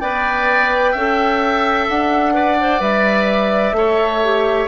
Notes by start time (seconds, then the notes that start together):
0.00 B3 B4 D5 G5
0.92 C#4 A4 E5
1.88 D4 F#5
2.34 B4 D5
2.61 C5
2.80 G3 B4 E5
3.73 A3 A4 C#5
4.24 G4